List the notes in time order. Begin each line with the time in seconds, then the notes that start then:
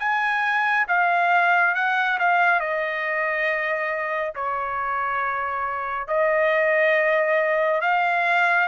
0.00 G#5
0.89 F5
1.75 F#5
2.19 F5
2.60 D#5
4.36 C#5
6.08 D#5
7.81 F5